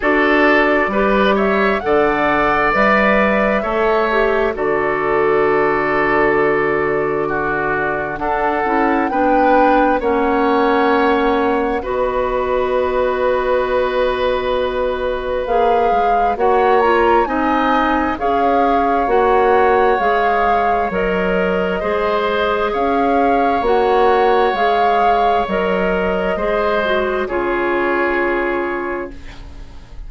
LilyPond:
<<
  \new Staff \with { instrumentName = "flute" } { \time 4/4 \tempo 4 = 66 d''4. e''8 fis''4 e''4~ | e''4 d''2.~ | d''4 fis''4 g''4 fis''4~ | fis''4 dis''2.~ |
dis''4 f''4 fis''8 ais''8 gis''4 | f''4 fis''4 f''4 dis''4~ | dis''4 f''4 fis''4 f''4 | dis''2 cis''2 | }
  \new Staff \with { instrumentName = "oboe" } { \time 4/4 a'4 b'8 cis''8 d''2 | cis''4 a'2. | fis'4 a'4 b'4 cis''4~ | cis''4 b'2.~ |
b'2 cis''4 dis''4 | cis''1 | c''4 cis''2.~ | cis''4 c''4 gis'2 | }
  \new Staff \with { instrumentName = "clarinet" } { \time 4/4 fis'4 g'4 a'4 b'4 | a'8 g'8 fis'2.~ | fis'4 d'8 e'8 d'4 cis'4~ | cis'4 fis'2.~ |
fis'4 gis'4 fis'8 f'8 dis'4 | gis'4 fis'4 gis'4 ais'4 | gis'2 fis'4 gis'4 | ais'4 gis'8 fis'8 f'2 | }
  \new Staff \with { instrumentName = "bassoon" } { \time 4/4 d'4 g4 d4 g4 | a4 d2.~ | d4 d'8 cis'8 b4 ais4~ | ais4 b2.~ |
b4 ais8 gis8 ais4 c'4 | cis'4 ais4 gis4 fis4 | gis4 cis'4 ais4 gis4 | fis4 gis4 cis2 | }
>>